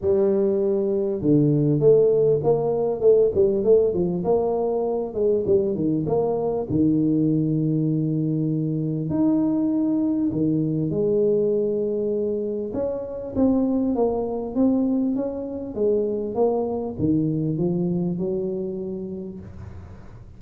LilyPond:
\new Staff \with { instrumentName = "tuba" } { \time 4/4 \tempo 4 = 99 g2 d4 a4 | ais4 a8 g8 a8 f8 ais4~ | ais8 gis8 g8 dis8 ais4 dis4~ | dis2. dis'4~ |
dis'4 dis4 gis2~ | gis4 cis'4 c'4 ais4 | c'4 cis'4 gis4 ais4 | dis4 f4 fis2 | }